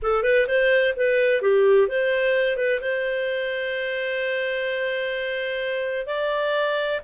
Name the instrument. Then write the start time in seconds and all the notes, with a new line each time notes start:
clarinet
0.02 A4
0.23 B4
0.47 C5
0.96 B4
1.41 G4
1.87 C5
2.56 B4
2.81 C5
6.06 D5